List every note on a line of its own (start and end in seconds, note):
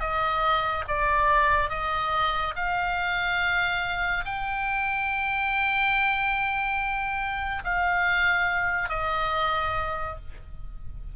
0.00 0.85 D#5
0.88 1.70 D5
1.70 2.54 D#5
2.56 4.25 F5
4.26 7.64 G5
7.65 8.89 F5
8.89 10.16 D#5